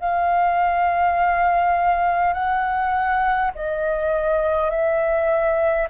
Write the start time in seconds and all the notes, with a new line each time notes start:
0.00 F5
2.34 F#5
3.55 D#5
4.71 E5